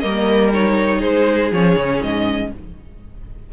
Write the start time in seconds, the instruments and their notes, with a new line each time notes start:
0.00 cello G3, viola A#3, violin A#4 D#5
0.54 viola D#4, violin C#5
0.98 cello G#3, violin G#4 C5
1.52 cello F3, viola C#4, violin C#5
1.76 cello C#3
2.02 cello G#2, violin D#5